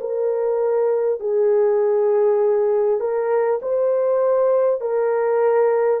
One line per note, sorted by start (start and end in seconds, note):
0.00 1.19 A#4
1.19 2.99 G#4
3.00 3.60 A#4
3.62 4.80 C5
4.80 6.00 A#4